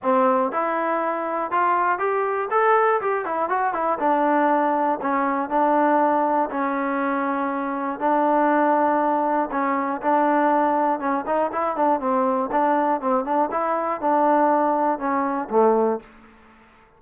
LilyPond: \new Staff \with { instrumentName = "trombone" } { \time 4/4 \tempo 4 = 120 c'4 e'2 f'4 | g'4 a'4 g'8 e'8 fis'8 e'8 | d'2 cis'4 d'4~ | d'4 cis'2. |
d'2. cis'4 | d'2 cis'8 dis'8 e'8 d'8 | c'4 d'4 c'8 d'8 e'4 | d'2 cis'4 a4 | }